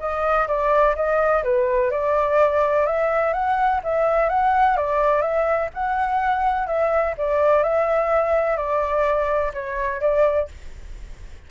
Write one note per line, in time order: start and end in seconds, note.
0.00 0.48 D#5
0.48 0.95 D5
0.96 1.44 D#5
1.44 1.92 B4
1.92 2.86 D5
2.86 3.34 E5
3.34 3.81 F#5
3.84 4.30 E5
4.30 4.77 F#5
4.77 5.22 D5
5.22 5.70 E5
5.75 6.67 F#5
6.67 7.15 E5
7.18 7.64 D5
7.64 8.57 E5
8.57 9.53 D5
9.54 10.01 C#5
10.01 10.49 D5